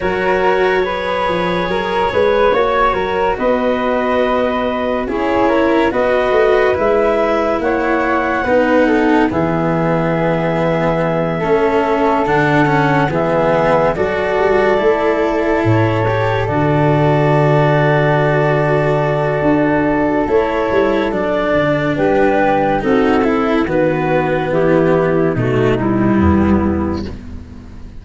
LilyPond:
<<
  \new Staff \with { instrumentName = "clarinet" } { \time 4/4 \tempo 4 = 71 cis''1 | dis''2 cis''4 dis''4 | e''4 fis''2 e''4~ | e''2~ e''8 fis''4 e''8~ |
e''8 d''2 cis''4 d''8~ | d''1 | cis''4 d''4 b'4 a'4 | b'4 g'4 fis'8 e'4. | }
  \new Staff \with { instrumentName = "flute" } { \time 4/4 ais'4 b'4 ais'8 b'8 cis''8 ais'8 | b'2 gis'8 ais'8 b'4~ | b'4 cis''4 b'8 a'8 gis'4~ | gis'4. a'2 gis'8~ |
gis'8 a'2.~ a'8~ | a'1~ | a'2 g'4 fis'8 e'8 | fis'4 e'4 dis'4 b4 | }
  \new Staff \with { instrumentName = "cello" } { \time 4/4 fis'4 gis'2 fis'4~ | fis'2 e'4 fis'4 | e'2 dis'4 b4~ | b4. cis'4 d'8 cis'8 b8~ |
b8 fis'4 e'4. g'8 fis'8~ | fis'1 | e'4 d'2 dis'8 e'8 | b2 a8 g4. | }
  \new Staff \with { instrumentName = "tuba" } { \time 4/4 fis4. f8 fis8 gis8 ais8 fis8 | b2 cis'4 b8 a8 | gis4 ais4 b4 e4~ | e4. a4 d4 e8~ |
e8 fis8 g8 a4 a,4 d8~ | d2. d'4 | a8 g8 fis8 d8 g4 c'4 | dis4 e4 b,4 e,4 | }
>>